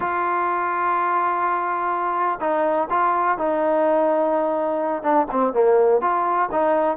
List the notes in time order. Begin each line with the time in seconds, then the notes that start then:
0.00 F4
2.40 D#4
2.90 F4
3.38 D#4
5.02 D4
5.31 C4
5.53 A#3
6.01 F4
6.51 D#4